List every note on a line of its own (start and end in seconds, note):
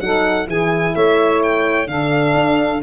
0.00 0.47 F#3
0.00 0.46 D#4
0.00 0.47 A4
0.00 0.47 F#5
0.46 0.94 E3
0.46 1.86 E4
0.46 0.94 G#4
0.46 0.95 G#5
0.94 1.88 A3
0.94 1.88 C#5
0.94 1.42 E5
1.43 1.87 G5
1.86 2.35 D3
1.86 2.80 D4
1.86 2.82 A4
1.86 2.81 F5
2.35 2.81 D4